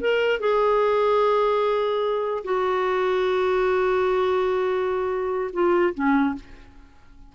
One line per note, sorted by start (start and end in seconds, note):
0.00 0.40 A#4
0.40 2.44 G#4
2.44 5.50 F#4
5.53 5.94 F4
5.94 6.35 C#4